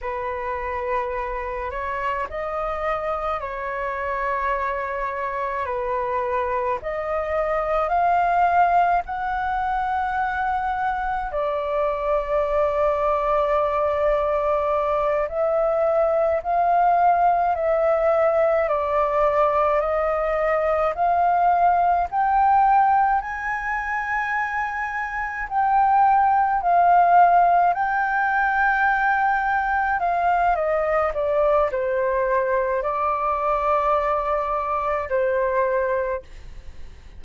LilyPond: \new Staff \with { instrumentName = "flute" } { \time 4/4 \tempo 4 = 53 b'4. cis''8 dis''4 cis''4~ | cis''4 b'4 dis''4 f''4 | fis''2 d''2~ | d''4. e''4 f''4 e''8~ |
e''8 d''4 dis''4 f''4 g''8~ | g''8 gis''2 g''4 f''8~ | f''8 g''2 f''8 dis''8 d''8 | c''4 d''2 c''4 | }